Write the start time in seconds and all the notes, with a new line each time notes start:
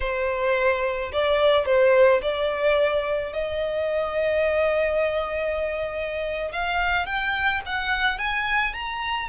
0.00 C5
1.12 D5
1.65 C5
2.22 D5
3.33 D#5
6.52 F5
7.06 G5
7.66 F#5
8.18 G#5
8.73 A#5